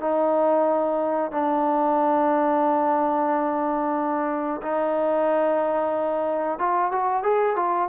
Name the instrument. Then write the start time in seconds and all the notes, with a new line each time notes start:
trombone
0.00 D#4
1.32 D4
4.62 D#4
6.59 F4
6.92 F#4
7.23 G#4
7.56 F4